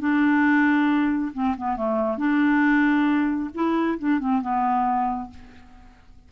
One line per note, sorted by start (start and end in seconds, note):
0.00 1.33 D4
1.34 1.56 C4
1.58 1.77 B3
1.77 2.18 A3
2.18 3.50 D4
3.55 3.99 E4
3.99 4.20 D4
4.20 4.42 C4
4.42 5.30 B3